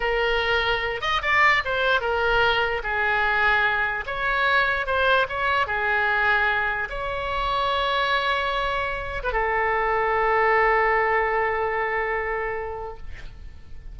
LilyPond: \new Staff \with { instrumentName = "oboe" } { \time 4/4 \tempo 4 = 148 ais'2~ ais'8 dis''8 d''4 | c''4 ais'2 gis'4~ | gis'2 cis''2 | c''4 cis''4 gis'2~ |
gis'4 cis''2.~ | cis''2~ cis''8. b'16 a'4~ | a'1~ | a'1 | }